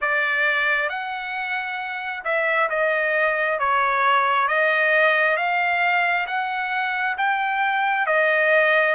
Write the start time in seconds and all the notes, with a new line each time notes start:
0.01 D5
0.89 F#5
2.24 E5
2.69 D#5
3.59 C#5
4.48 D#5
5.36 F5
6.26 F#5
7.17 G5
8.06 D#5